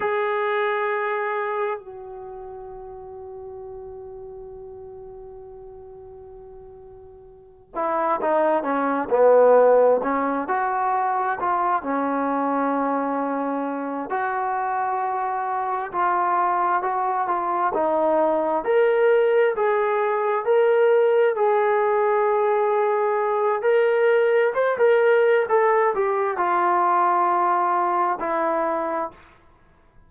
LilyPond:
\new Staff \with { instrumentName = "trombone" } { \time 4/4 \tempo 4 = 66 gis'2 fis'2~ | fis'1~ | fis'8 e'8 dis'8 cis'8 b4 cis'8 fis'8~ | fis'8 f'8 cis'2~ cis'8 fis'8~ |
fis'4. f'4 fis'8 f'8 dis'8~ | dis'8 ais'4 gis'4 ais'4 gis'8~ | gis'2 ais'4 c''16 ais'8. | a'8 g'8 f'2 e'4 | }